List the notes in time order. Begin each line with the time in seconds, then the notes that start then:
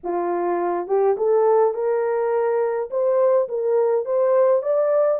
0.03 F4
0.87 G4
1.17 A4
1.74 A#4
2.90 C5
3.48 A#4
4.05 C5
4.62 D5